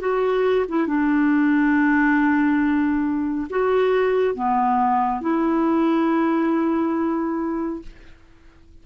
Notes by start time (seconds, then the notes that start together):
0.00 F#4
0.68 E4
0.87 D4
3.49 F#4
4.34 B3
5.21 E4